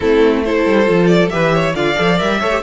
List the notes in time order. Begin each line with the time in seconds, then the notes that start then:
0.00 A3 C4 E4 A4
0.44 E4 A4 C5
0.65 G3
0.84 F3 F4
1.06 D5
1.29 E3 G4 B4 E5
1.54 C#5
1.74 D3 F4 D5 F5
1.95 F3 A4
2.17 G3 A#4 E5
2.40 A3 A4 C#5
2.51 G4